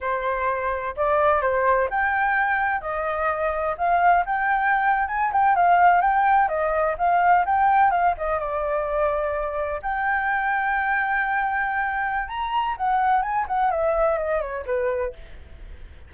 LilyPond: \new Staff \with { instrumentName = "flute" } { \time 4/4 \tempo 4 = 127 c''2 d''4 c''4 | g''2 dis''2 | f''4 g''4.~ g''16 gis''8 g''8 f''16~ | f''8. g''4 dis''4 f''4 g''16~ |
g''8. f''8 dis''8 d''2~ d''16~ | d''8. g''2.~ g''16~ | g''2 ais''4 fis''4 | gis''8 fis''8 e''4 dis''8 cis''8 b'4 | }